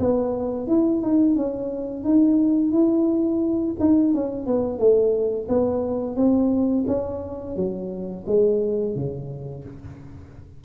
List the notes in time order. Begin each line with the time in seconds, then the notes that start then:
0.00 B3
0.67 E4
1.02 D#4
1.36 C#4
2.04 D#4
2.72 E4
3.80 D#4
4.14 C#4
4.47 B3
4.79 A3
5.49 B3
6.16 C4
6.87 C#4
7.56 F#3
8.27 G#3
8.96 C#3